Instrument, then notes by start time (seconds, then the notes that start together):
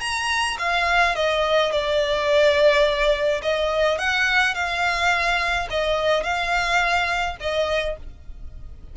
violin
0.00 A#5
0.59 F5
1.15 D#5
1.72 D5
3.42 D#5
3.98 F#5
4.55 F5
5.70 D#5
6.23 F5
7.40 D#5